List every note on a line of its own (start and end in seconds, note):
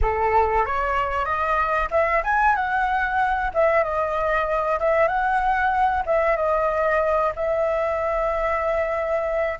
0.01 0.65 A4
0.65 1.25 C#5
1.25 1.89 D#5
1.90 2.22 E5
2.24 2.55 G#5
2.55 3.51 F#5
3.53 3.83 E5
3.83 4.79 D#5
4.79 5.07 E5
5.07 6.03 F#5
6.06 6.36 E5
6.36 7.32 D#5
7.35 9.59 E5